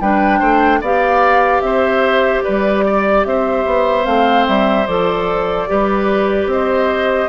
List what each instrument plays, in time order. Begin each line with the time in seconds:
0.00 bassoon G3, clarinet D4, oboe B4, flute G5
0.39 bassoon A3, oboe C5
0.80 bassoon B3, clarinet G4, oboe D5, flute F5
1.60 bassoon C4, oboe C5, flute E5
2.43 bassoon G3, oboe B4, flute D5
2.86 oboe D5
3.24 bassoon C4, oboe C5, flute E5
3.65 bassoon B3
4.04 bassoon A3, clarinet C4, flute F5
4.47 bassoon G3, flute E5
4.86 bassoon F3, clarinet A4, flute D5
5.67 bassoon G3, clarinet G4, oboe B4
6.46 bassoon C4, oboe C5, flute D#5